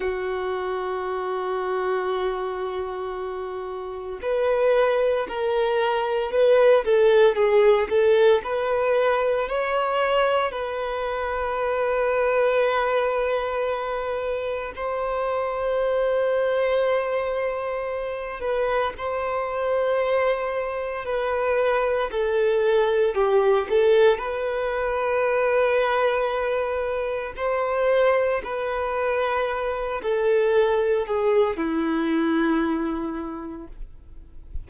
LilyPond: \new Staff \with { instrumentName = "violin" } { \time 4/4 \tempo 4 = 57 fis'1 | b'4 ais'4 b'8 a'8 gis'8 a'8 | b'4 cis''4 b'2~ | b'2 c''2~ |
c''4. b'8 c''2 | b'4 a'4 g'8 a'8 b'4~ | b'2 c''4 b'4~ | b'8 a'4 gis'8 e'2 | }